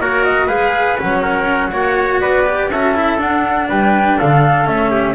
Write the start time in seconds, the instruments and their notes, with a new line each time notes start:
0.00 double bass A#3, cello F#4, trumpet A#4, flute C#5
0.24 flute D#5
0.46 double bass G#3, cello G#4, trumpet B4, flute F5
0.97 double bass F#3, cello C#4, flute F#5
1.22 trumpet A#4
1.72 double bass A#3, cello F#4, trumpet C#5
2.20 double bass B3, trumpet B4, flute D5
2.46 cello G4
2.70 double bass C#4, cello F#4, trumpet A4, flute E5
2.94 cello E4
3.18 double bass D4, cello D4, flute F#5
3.68 double bass G3, trumpet B4, flute G5
4.17 double bass D3, trumpet A4, flute F5
4.65 double bass A3, cello C#4, flute E5
4.90 trumpet G4